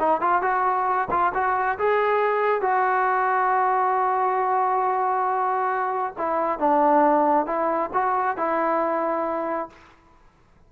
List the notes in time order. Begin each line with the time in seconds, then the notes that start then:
0.00 D#4
0.21 F4
0.42 F#4
1.11 F4
1.35 F#4
1.79 G#4
2.62 F#4
6.18 E4
6.60 D4
7.47 E4
7.94 F#4
8.37 E4